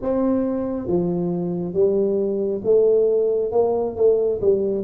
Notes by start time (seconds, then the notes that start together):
0.02 C4
0.87 F3
1.73 G3
2.64 A3
3.51 A#3
3.96 A3
4.41 G3